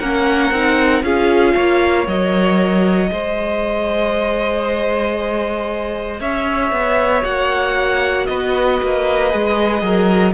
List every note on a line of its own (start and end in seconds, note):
0.00 0.51 A#3
0.00 0.54 C#4
0.00 1.04 A#4
0.00 1.03 F#5
0.51 1.03 C4
0.51 1.04 D#4
1.03 1.55 C#4
1.03 2.08 F4
1.03 1.55 G#4
1.03 2.08 F5
1.55 2.08 A#3
1.55 3.10 C#5
2.08 3.11 F#3
2.08 3.09 A#4
2.08 6.22 D#5
3.09 6.21 G#3
3.09 7.22 G#4
3.09 6.21 C5
6.21 6.72 C#4
6.21 8.28 C#5
6.21 7.25 E5
6.72 7.23 B3
7.23 8.28 A#3
7.23 9.30 F#4
7.23 8.27 F#5
8.27 8.81 B3
8.27 9.84 B4
8.27 10.34 D#5
8.83 9.34 A#3
9.31 9.82 G#3
9.31 10.34 G#4
9.82 10.34 F#3
9.82 10.34 A#4